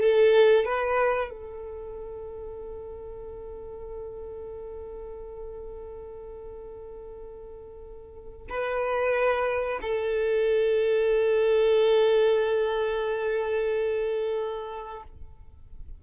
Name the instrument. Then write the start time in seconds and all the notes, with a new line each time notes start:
violin
0.00 A4
0.65 B4
1.30 A4
8.49 B4
9.81 A4